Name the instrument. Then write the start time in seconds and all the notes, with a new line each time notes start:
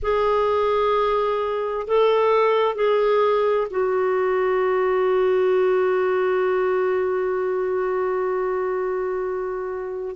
clarinet
0.02 G#4
1.87 A4
2.75 G#4
3.70 F#4